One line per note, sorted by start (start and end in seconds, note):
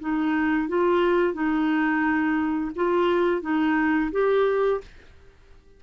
0.00 0.69 D#4
0.69 1.34 F4
1.34 2.71 D#4
2.76 3.42 F4
3.42 4.11 D#4
4.12 4.81 G4